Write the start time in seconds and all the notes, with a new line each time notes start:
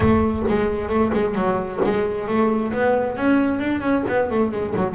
0.00 A3
0.48 G#3
0.88 A3
1.13 G#3
1.35 F#3
1.84 G#3
2.27 A3
2.73 B3
3.16 C#4
3.59 D4
3.80 C#4
4.08 B3
4.30 A3
4.51 G#3
4.76 F#3